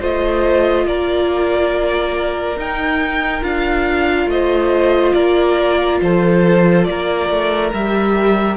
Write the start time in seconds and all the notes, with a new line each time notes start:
0.00 A3 F4 C5 D#5
0.86 A#3 A#4 D5
2.57 D#4 G5
3.42 D4 F4 F5
4.27 A3 C5 D#5
5.14 A#3 A#4 D5
6.02 F3 A4 C5
6.85 A#3 A#4 D5
7.30 A3
7.74 G3 G4 E5